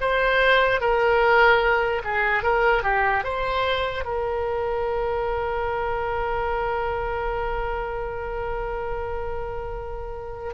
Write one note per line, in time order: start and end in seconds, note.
0.00 0.80 C5
0.80 2.02 A#4
2.04 2.43 G#4
2.43 2.83 A#4
2.83 3.23 G4
3.23 4.04 C5
4.04 10.53 A#4